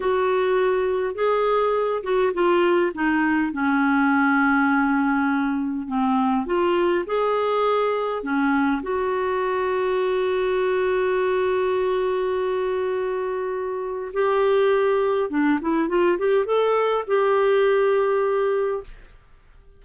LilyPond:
\new Staff \with { instrumentName = "clarinet" } { \time 4/4 \tempo 4 = 102 fis'2 gis'4. fis'8 | f'4 dis'4 cis'2~ | cis'2 c'4 f'4 | gis'2 cis'4 fis'4~ |
fis'1~ | fis'1 | g'2 d'8 e'8 f'8 g'8 | a'4 g'2. | }